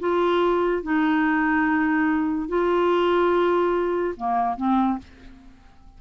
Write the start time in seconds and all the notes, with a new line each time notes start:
0.00 F4
0.83 D#4
2.49 F4
4.17 A#3
4.57 C4